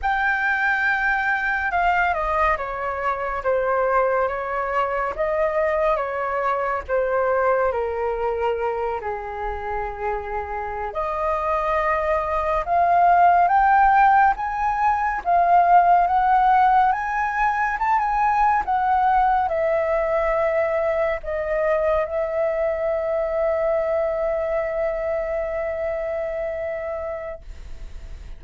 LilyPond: \new Staff \with { instrumentName = "flute" } { \time 4/4 \tempo 4 = 70 g''2 f''8 dis''8 cis''4 | c''4 cis''4 dis''4 cis''4 | c''4 ais'4. gis'4.~ | gis'8. dis''2 f''4 g''16~ |
g''8. gis''4 f''4 fis''4 gis''16~ | gis''8. a''16 gis''8. fis''4 e''4~ e''16~ | e''8. dis''4 e''2~ e''16~ | e''1 | }